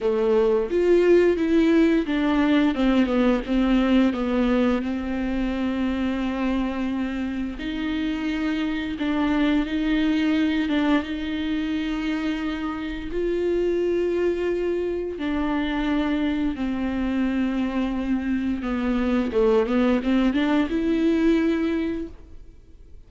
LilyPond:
\new Staff \with { instrumentName = "viola" } { \time 4/4 \tempo 4 = 87 a4 f'4 e'4 d'4 | c'8 b8 c'4 b4 c'4~ | c'2. dis'4~ | dis'4 d'4 dis'4. d'8 |
dis'2. f'4~ | f'2 d'2 | c'2. b4 | a8 b8 c'8 d'8 e'2 | }